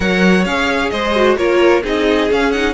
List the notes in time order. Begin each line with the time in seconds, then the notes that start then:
0.00 F#3 A#4 C#5 F#5
0.44 C#4 G#4 F5
0.90 G#3 C5 D#5
1.15 F#4
1.36 A#3 F4 A#4 C#5
1.83 C4 D#4 G#4 D#5
2.30 C#4 F5
2.51 D#4 F#5